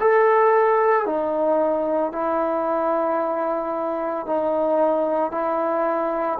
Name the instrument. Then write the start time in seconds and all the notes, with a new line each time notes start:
trombone
0.00 A4
1.06 D#4
2.12 E4
4.26 D#4
5.31 E4